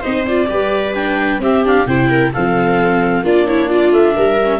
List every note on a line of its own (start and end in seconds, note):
0.00 0.49 C4
0.00 0.25 D#4
0.00 0.46 C5
0.00 0.25 D#5
0.26 0.47 F4
0.26 0.94 D5
0.47 1.39 G3
0.47 0.93 G4
0.47 1.41 B4
0.94 1.40 D4
0.94 1.40 G5
1.39 1.84 C4
1.39 1.64 C4
1.39 1.87 G4
1.39 1.65 E5
1.64 1.87 D4
1.64 1.86 F5
1.86 2.32 C3
1.86 2.33 E4
1.86 2.09 C5
1.86 2.31 G5
2.09 2.32 A#4
2.33 3.23 F3
2.33 3.24 C4
2.33 3.24 A4
2.33 3.25 F5
3.23 3.91 A#3
3.23 4.38 D4
3.23 3.47 F4
3.23 3.47 D5
3.47 3.69 E4
3.47 3.68 C#5
3.68 4.14 F4
3.68 3.91 D5
3.91 4.14 A3
3.91 4.59 E5
4.15 4.59 G3
4.15 4.59 A#4
4.43 4.59 C#4